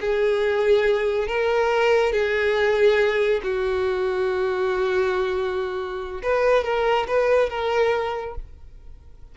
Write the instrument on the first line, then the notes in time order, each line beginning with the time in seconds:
violin
0.00 G#4
1.27 A#4
2.12 G#4
3.43 F#4
6.22 B4
6.64 A#4
7.07 B4
7.49 A#4